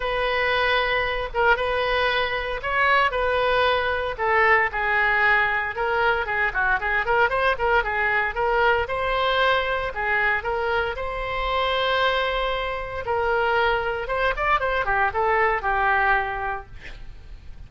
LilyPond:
\new Staff \with { instrumentName = "oboe" } { \time 4/4 \tempo 4 = 115 b'2~ b'8 ais'8 b'4~ | b'4 cis''4 b'2 | a'4 gis'2 ais'4 | gis'8 fis'8 gis'8 ais'8 c''8 ais'8 gis'4 |
ais'4 c''2 gis'4 | ais'4 c''2.~ | c''4 ais'2 c''8 d''8 | c''8 g'8 a'4 g'2 | }